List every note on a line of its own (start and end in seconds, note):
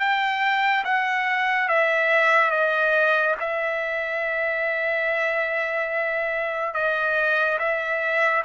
0.00 0.85 G5
0.85 1.69 F#5
1.69 2.51 E5
2.51 3.36 D#5
3.40 6.75 E5
6.75 7.59 D#5
7.59 8.44 E5